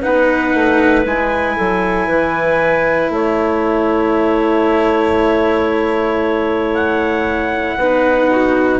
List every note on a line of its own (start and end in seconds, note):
0.00 0.54 B3
0.00 1.05 D#4
0.00 1.55 B4
0.00 1.05 F#5
0.54 1.05 A3
1.05 1.56 G#3
1.05 7.78 E4
1.05 3.12 G#5
1.56 2.07 F#3
1.56 2.06 A4
2.06 3.09 E3
2.06 3.10 B4
3.09 7.74 A3
3.09 7.78 C#5
3.09 6.74 E5
6.74 8.80 F#5
7.77 8.80 B3
7.77 8.80 D#4
7.77 8.30 B4
8.30 8.80 F#4